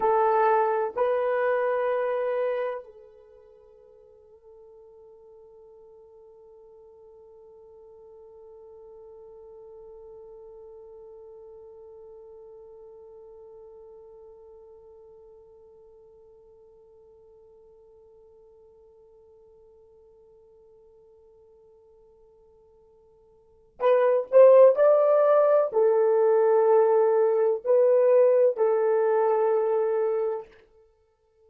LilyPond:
\new Staff \with { instrumentName = "horn" } { \time 4/4 \tempo 4 = 63 a'4 b'2 a'4~ | a'1~ | a'1~ | a'1~ |
a'1~ | a'1~ | a'4 b'8 c''8 d''4 a'4~ | a'4 b'4 a'2 | }